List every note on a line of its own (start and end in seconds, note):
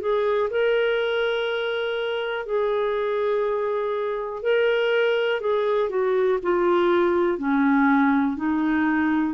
0.00 0.49 G#4
0.50 2.45 A#4
2.45 4.42 G#4
4.42 5.40 A#4
5.40 5.89 G#4
5.89 6.38 F#4
6.42 7.38 F4
7.38 8.36 C#4
8.36 9.34 D#4